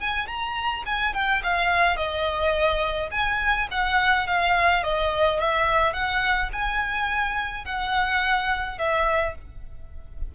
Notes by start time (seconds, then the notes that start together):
0.00 G#5
0.27 A#5
0.86 G#5
1.14 G5
1.43 F5
1.96 D#5
3.11 G#5
3.70 F#5
4.27 F5
4.83 D#5
5.40 E5
5.93 F#5
6.52 G#5
7.65 F#5
8.78 E5